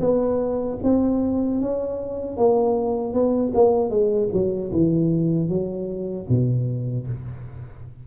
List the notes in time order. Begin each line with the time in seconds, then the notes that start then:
0.00 B3
0.83 C4
1.61 C#4
2.37 A#3
3.13 B3
3.54 A#3
3.90 G#3
4.32 F#3
4.71 E3
5.49 F#3
6.29 B2